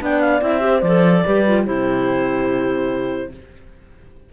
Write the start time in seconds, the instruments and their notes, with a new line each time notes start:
0.00 cello B3, clarinet D4 G5, horn D5
0.21 clarinet F5
0.41 cello C4, clarinet E4 E5
0.60 clarinet G4, horn C5
0.81 cello F3, clarinet D5
0.87 clarinet A4
1.25 cello G3, clarinet G4, horn B4
1.47 clarinet F4
1.65 cello C3, clarinet E4 C5, horn G4